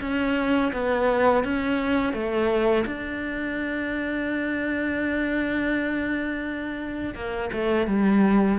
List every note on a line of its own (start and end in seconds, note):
0.00 0.71 C#4
0.72 1.44 B3
1.44 2.13 C#4
2.13 2.84 A3
2.85 7.14 D4
7.14 7.50 A#3
7.52 7.87 A3
7.87 8.58 G3